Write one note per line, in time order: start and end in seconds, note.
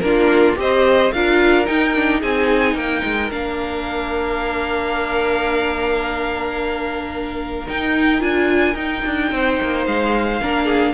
0.00 0.57 A#3
0.00 0.56 D4
0.00 0.60 F4
0.00 0.55 A#4
0.56 1.12 C4
0.56 1.11 G4
0.56 1.14 C5
0.56 1.13 D#5
1.13 1.69 D4
1.13 1.66 F4
1.13 2.20 A#4
1.13 1.66 F5
1.66 1.93 D#4
1.66 2.23 D#4
1.66 2.21 G5
1.95 2.21 D4
2.20 2.75 C4
2.20 3.30 D#4
2.20 2.74 G#4
2.20 2.77 G#5
2.75 3.02 A#3
2.75 9.34 A#4
2.75 3.32 G5
3.05 3.31 G#3
3.31 7.68 A#3
3.31 7.67 D4
3.31 7.68 F5
7.67 8.20 D#4
7.67 8.22 D#4
7.67 8.22 G5
8.20 8.75 D4
8.20 8.75 F4
8.20 8.76 G#5
8.75 9.02 D#4
8.75 10.40 D#4
8.75 9.86 G5
9.06 9.32 D4
9.32 9.59 C4
9.32 10.42 C5
9.63 9.87 A#3
9.87 10.42 G#3
9.87 10.94 F5
10.42 10.94 A#3
10.42 10.94 D4
10.42 10.65 A#4
10.65 10.92 G#4